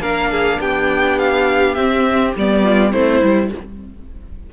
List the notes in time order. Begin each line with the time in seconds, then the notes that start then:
0.00 A#3 D4 A#4 F5
0.31 G#4
0.59 B3 G4 G5
1.18 F5
1.75 C4 E5
2.36 G3 B3 D5
2.63 F4
2.91 A3 C4 E4 C5
3.20 G3 E4